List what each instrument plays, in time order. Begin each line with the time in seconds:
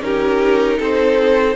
0.00 cello C#4, viola D#4, violin G4 A#4
0.79 cello C4, violin A4 C5